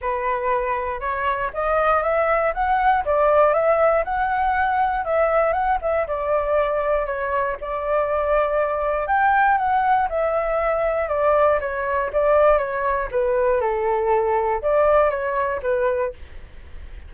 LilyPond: \new Staff \with { instrumentName = "flute" } { \time 4/4 \tempo 4 = 119 b'2 cis''4 dis''4 | e''4 fis''4 d''4 e''4 | fis''2 e''4 fis''8 e''8 | d''2 cis''4 d''4~ |
d''2 g''4 fis''4 | e''2 d''4 cis''4 | d''4 cis''4 b'4 a'4~ | a'4 d''4 cis''4 b'4 | }